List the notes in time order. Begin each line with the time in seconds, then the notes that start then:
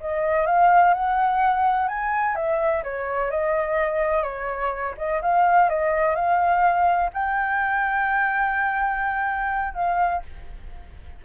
0.00 D#5
0.46 F5
0.94 F#5
1.88 G#5
2.35 E5
2.83 C#5
3.31 D#5
4.23 C#5
4.97 D#5
5.21 F5
5.69 D#5
6.15 F5
7.13 G5
9.74 F5